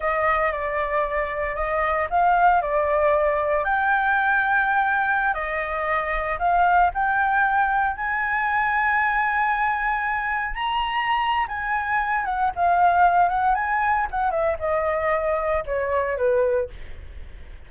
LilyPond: \new Staff \with { instrumentName = "flute" } { \time 4/4 \tempo 4 = 115 dis''4 d''2 dis''4 | f''4 d''2 g''4~ | g''2~ g''16 dis''4.~ dis''16~ | dis''16 f''4 g''2 gis''8.~ |
gis''1~ | gis''16 ais''4.~ ais''16 gis''4. fis''8 | f''4. fis''8 gis''4 fis''8 e''8 | dis''2 cis''4 b'4 | }